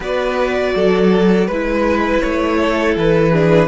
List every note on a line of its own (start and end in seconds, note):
0.00 0.74 B3
0.00 1.49 F#4
0.00 0.74 B4
0.00 1.47 D5
0.75 1.48 F#3
0.75 1.47 A4
1.47 2.22 G#3
1.47 3.33 E4
1.47 2.21 B4
1.47 2.58 B4
2.21 2.96 A3
2.21 2.95 C#5
2.60 3.31 A4
2.96 3.68 E3
2.96 3.68 B4
3.31 3.68 D4
3.31 3.68 G#4